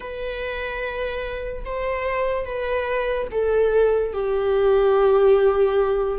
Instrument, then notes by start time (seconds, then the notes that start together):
viola
0.00 B4
1.64 C5
2.45 B4
3.31 A4
4.13 G4